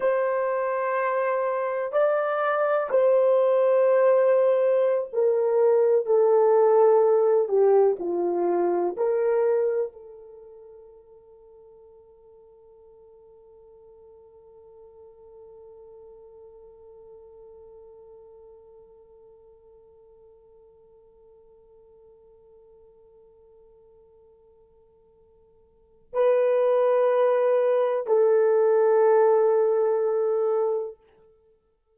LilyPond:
\new Staff \with { instrumentName = "horn" } { \time 4/4 \tempo 4 = 62 c''2 d''4 c''4~ | c''4~ c''16 ais'4 a'4. g'16~ | g'16 f'4 ais'4 a'4.~ a'16~ | a'1~ |
a'1~ | a'1~ | a'2. b'4~ | b'4 a'2. | }